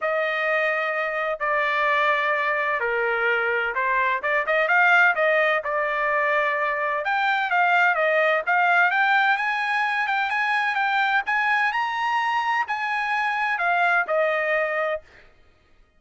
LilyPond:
\new Staff \with { instrumentName = "trumpet" } { \time 4/4 \tempo 4 = 128 dis''2. d''4~ | d''2 ais'2 | c''4 d''8 dis''8 f''4 dis''4 | d''2. g''4 |
f''4 dis''4 f''4 g''4 | gis''4. g''8 gis''4 g''4 | gis''4 ais''2 gis''4~ | gis''4 f''4 dis''2 | }